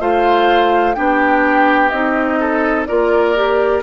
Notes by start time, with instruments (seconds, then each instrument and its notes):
0.00 bassoon A3, clarinet F4, oboe C5, flute F5
0.95 bassoon B3, clarinet D4, oboe G4, flute G5
1.89 bassoon C4, clarinet D#4, flute D#5
2.40 oboe A4
2.86 bassoon A#3, clarinet F4, oboe A#4, flute D5
3.36 clarinet G4